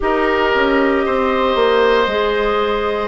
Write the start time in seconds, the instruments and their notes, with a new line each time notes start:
0.00 bassoon D#4, clarinet G4, oboe A#4, flute D#5
0.54 bassoon C#4
1.05 bassoon C4, oboe C5
1.55 bassoon A#3
2.06 bassoon G#3, clarinet G#4